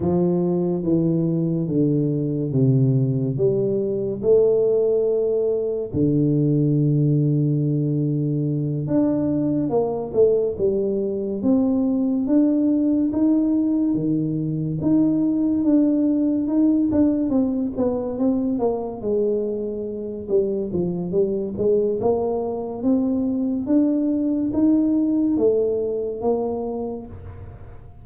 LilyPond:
\new Staff \with { instrumentName = "tuba" } { \time 4/4 \tempo 4 = 71 f4 e4 d4 c4 | g4 a2 d4~ | d2~ d8 d'4 ais8 | a8 g4 c'4 d'4 dis'8~ |
dis'8 dis4 dis'4 d'4 dis'8 | d'8 c'8 b8 c'8 ais8 gis4. | g8 f8 g8 gis8 ais4 c'4 | d'4 dis'4 a4 ais4 | }